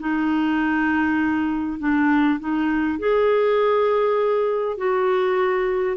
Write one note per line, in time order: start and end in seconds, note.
0.00 1.80 D#4
1.80 2.40 D4
2.40 2.99 D#4
2.99 4.78 G#4
4.78 5.97 F#4